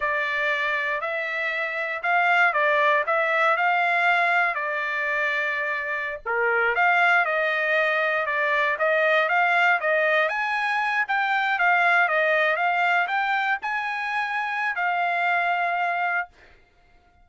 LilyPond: \new Staff \with { instrumentName = "trumpet" } { \time 4/4 \tempo 4 = 118 d''2 e''2 | f''4 d''4 e''4 f''4~ | f''4 d''2.~ | d''16 ais'4 f''4 dis''4.~ dis''16~ |
dis''16 d''4 dis''4 f''4 dis''8.~ | dis''16 gis''4. g''4 f''4 dis''16~ | dis''8. f''4 g''4 gis''4~ gis''16~ | gis''4 f''2. | }